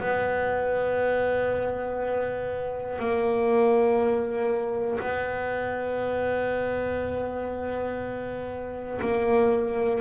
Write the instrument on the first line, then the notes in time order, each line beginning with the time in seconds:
double bass
0.00 B3
2.99 A#3
5.00 B3
9.01 A#3